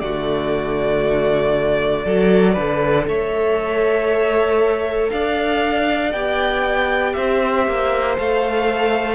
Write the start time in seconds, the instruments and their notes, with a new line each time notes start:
0.00 cello D3, viola A3, violin F#4 D5
2.05 cello F#3, viola F#4, violin A4
2.53 cello D3, viola A4, violin B4
3.07 cello A3, violin C#5 E5
5.10 cello D4, violin D5 F5
6.12 cello B3, viola G4, violin G5
7.13 cello C4, violin C5 E5
7.67 cello A#3
8.17 cello A3, viola A4, violin F5